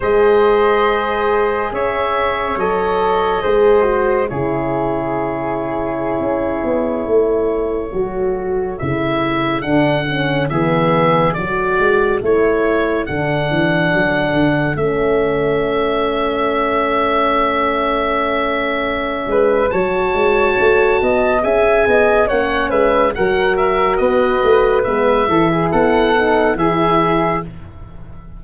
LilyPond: <<
  \new Staff \with { instrumentName = "oboe" } { \time 4/4 \tempo 4 = 70 dis''2 e''4 dis''4~ | dis''4 cis''2.~ | cis''2~ cis''16 e''4 fis''8.~ | fis''16 e''4 d''4 cis''4 fis''8.~ |
fis''4~ fis''16 e''2~ e''8.~ | e''2. a''4~ | a''4 gis''4 fis''8 e''8 fis''8 e''8 | dis''4 e''4 fis''4 e''4 | }
  \new Staff \with { instrumentName = "flute" } { \time 4/4 c''2 cis''2 | c''4 gis'2.~ | gis'16 a'2.~ a'8.~ | a'16 gis'4 a'2~ a'8.~ |
a'1~ | a'2~ a'8 b'8 cis''4~ | cis''8 dis''8 e''8 dis''8 cis''8 b'8 ais'4 | b'4. a'16 gis'16 a'4 gis'4 | }
  \new Staff \with { instrumentName = "horn" } { \time 4/4 gis'2. a'4 | gis'8 fis'8 e'2.~ | e'4~ e'16 fis'4 e'4 d'8 cis'16~ | cis'16 b4 fis'4 e'4 d'8.~ |
d'4~ d'16 cis'2~ cis'8.~ | cis'2. fis'4~ | fis'4 gis'4 cis'4 fis'4~ | fis'4 b8 e'4 dis'8 e'4 | }
  \new Staff \with { instrumentName = "tuba" } { \time 4/4 gis2 cis'4 fis4 | gis4 cis2~ cis16 cis'8 b16~ | b16 a4 fis4 cis4 d8.~ | d16 e4 fis8 gis8 a4 d8 e16~ |
e16 fis8 d8 a2~ a8.~ | a2~ a8 gis8 fis8 gis8 | a8 b8 cis'8 b8 ais8 gis8 fis4 | b8 a8 gis8 e8 b4 e4 | }
>>